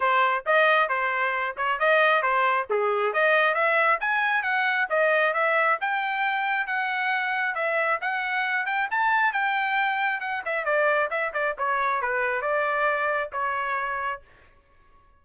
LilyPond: \new Staff \with { instrumentName = "trumpet" } { \time 4/4 \tempo 4 = 135 c''4 dis''4 c''4. cis''8 | dis''4 c''4 gis'4 dis''4 | e''4 gis''4 fis''4 dis''4 | e''4 g''2 fis''4~ |
fis''4 e''4 fis''4. g''8 | a''4 g''2 fis''8 e''8 | d''4 e''8 d''8 cis''4 b'4 | d''2 cis''2 | }